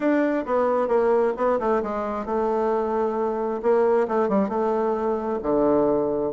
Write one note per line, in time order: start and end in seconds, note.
0.00 0.45 D4
0.45 0.88 B3
0.88 1.33 A#3
1.36 1.59 B3
1.59 1.82 A3
1.83 2.25 G#3
2.25 3.61 A3
3.62 4.07 A#3
4.07 4.28 A3
4.28 4.48 G3
4.48 5.39 A3
5.42 6.32 D3